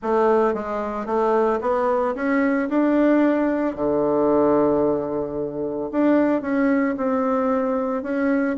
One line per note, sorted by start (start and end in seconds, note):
0.02 0.54 A3
0.54 1.05 G#3
1.05 1.59 A3
1.61 2.14 B3
2.15 2.69 C#4
2.69 3.75 D4
3.75 5.90 D3
5.91 6.41 D4
6.41 6.95 C#4
6.97 8.02 C4
8.02 8.56 C#4